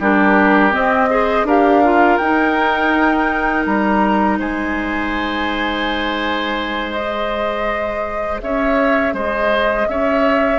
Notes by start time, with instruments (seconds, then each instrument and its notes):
0.00 bassoon G3, clarinet D4, oboe G4, flute A#4
0.72 clarinet C4, bassoon C4, flute D#5
1.10 clarinet G#4, oboe C5
1.44 bassoon D4, clarinet G4, oboe A#4, flute F5
1.84 clarinet F4
2.18 bassoon D#4, clarinet D#4, flute G5
3.66 bassoon G3, flute A#5
4.39 bassoon G#3, oboe C5, flute G#5
6.92 clarinet G#4, flute D#5
8.41 bassoon C#4, oboe C#5, flute E5
9.14 bassoon G#3, oboe C5, flute D#5
9.88 bassoon C#4, oboe C#5, flute E5